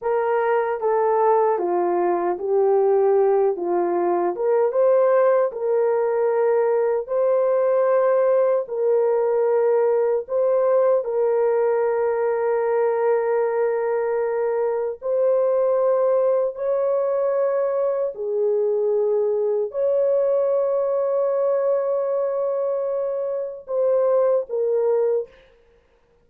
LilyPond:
\new Staff \with { instrumentName = "horn" } { \time 4/4 \tempo 4 = 76 ais'4 a'4 f'4 g'4~ | g'8 f'4 ais'8 c''4 ais'4~ | ais'4 c''2 ais'4~ | ais'4 c''4 ais'2~ |
ais'2. c''4~ | c''4 cis''2 gis'4~ | gis'4 cis''2.~ | cis''2 c''4 ais'4 | }